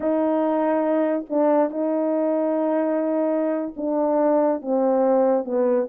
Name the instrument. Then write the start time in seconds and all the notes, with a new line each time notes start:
horn
0.00 D#4
1.29 D4
1.70 D#4
3.76 D4
4.61 C4
5.44 B3